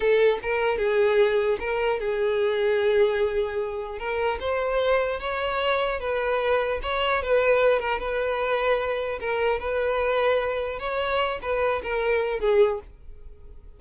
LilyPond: \new Staff \with { instrumentName = "violin" } { \time 4/4 \tempo 4 = 150 a'4 ais'4 gis'2 | ais'4 gis'2.~ | gis'2 ais'4 c''4~ | c''4 cis''2 b'4~ |
b'4 cis''4 b'4. ais'8 | b'2. ais'4 | b'2. cis''4~ | cis''8 b'4 ais'4. gis'4 | }